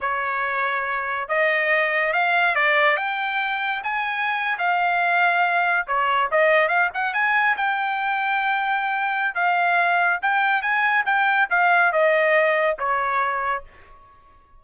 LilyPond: \new Staff \with { instrumentName = "trumpet" } { \time 4/4 \tempo 4 = 141 cis''2. dis''4~ | dis''4 f''4 d''4 g''4~ | g''4 gis''4.~ gis''16 f''4~ f''16~ | f''4.~ f''16 cis''4 dis''4 f''16~ |
f''16 fis''8 gis''4 g''2~ g''16~ | g''2 f''2 | g''4 gis''4 g''4 f''4 | dis''2 cis''2 | }